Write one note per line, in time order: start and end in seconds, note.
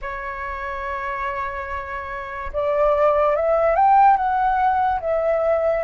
0.02 2.52 C#5
2.52 3.35 D5
3.35 3.75 E5
3.75 4.16 G5
4.16 5.00 F#5
5.00 5.83 E5